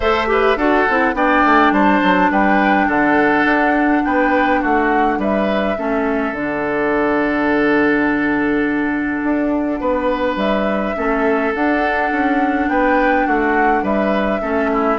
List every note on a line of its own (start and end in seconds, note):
0.00 0.56 A3
0.00 0.27 A4
0.00 0.26 C5
0.00 0.57 E5
0.27 0.56 G4
0.27 0.57 B4
0.56 0.85 D4
0.56 0.87 F#4
0.56 1.15 A4
0.56 1.15 F#5
0.89 1.13 C4
0.89 1.14 E4
1.13 1.42 B3
1.13 5.75 D4
1.13 1.73 D5
1.13 1.73 G5
1.45 1.71 A3
1.71 2.00 G3
1.71 2.31 C5
1.71 2.31 A5
2.02 2.30 F#3
2.30 2.87 G3
2.30 2.87 B4
2.30 2.89 G5
2.87 3.44 D3
2.87 4.02 A4
2.87 4.04 F#5
3.44 4.02 D4
4.04 4.63 B3
4.04 4.60 B4
4.04 4.62 G5
4.60 5.18 A3
4.60 5.18 F#4
4.60 5.20 F#5
5.18 5.75 G3
5.18 5.77 B4
5.18 6.35 E5
5.76 6.32 A3
5.76 6.34 C#4
5.76 9.80 A4
6.32 9.20 D3
6.32 10.95 D4
6.32 10.38 F#5
9.23 9.80 D4
9.80 10.36 B3
9.80 10.95 B4
10.36 10.93 G3
10.36 11.53 E5
10.95 11.54 A3
10.95 11.53 C#4
10.95 12.69 A4
11.54 12.11 D4
11.54 14.41 D4
11.54 12.69 F#5
12.11 12.68 C#4
12.68 13.26 B3
12.68 13.26 B4
12.68 13.26 G5
13.26 13.83 A3
13.26 13.83 F#4
13.26 13.84 F#5
13.83 14.40 G3
13.83 14.41 B4
13.83 14.99 E5
14.41 14.99 A3
14.41 14.99 C#4
14.41 14.70 A4
14.72 14.99 E4